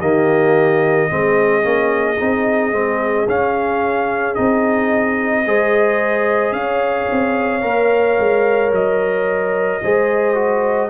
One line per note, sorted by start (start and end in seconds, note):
0.00 1.11 D#3
0.00 1.10 A#3
0.00 1.09 G4
0.00 3.28 D#5
1.10 1.65 G#3
1.10 1.63 C4
1.10 5.47 G#4
1.63 2.19 A#3
1.63 2.17 C#4
2.19 2.72 C4
2.19 2.72 D#4
2.72 3.27 G#3
2.72 3.27 C4
3.27 4.37 C#4
3.27 4.35 C#4
3.27 4.35 F5
4.35 5.46 C4
4.35 5.45 D#4
4.35 6.53 D#5
5.46 6.52 G#3
5.46 7.62 G#4
5.46 6.55 C5
6.52 7.07 C#4
6.52 9.82 C#5
6.52 8.71 F5
7.12 7.63 C4
7.62 8.18 A#3
7.62 9.80 A#4
8.19 8.72 G#3
8.72 9.81 F#3
8.72 10.90 D#5
9.83 10.90 G#3
9.83 10.35 G#4
9.83 10.90 C5
10.35 10.90 F#4